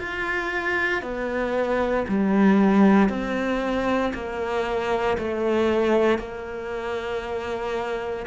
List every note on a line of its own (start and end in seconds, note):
0.00 1.03 F4
1.03 2.06 B3
2.09 3.09 G3
3.09 4.13 C4
4.14 5.18 A#3
5.18 6.19 A3
6.19 8.26 A#3